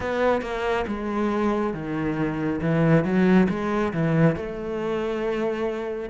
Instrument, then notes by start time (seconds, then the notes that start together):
cello
0.00 B3
0.41 A#3
0.87 G#3
1.73 D#3
2.61 E3
3.04 F#3
3.49 G#3
3.93 E3
4.36 A3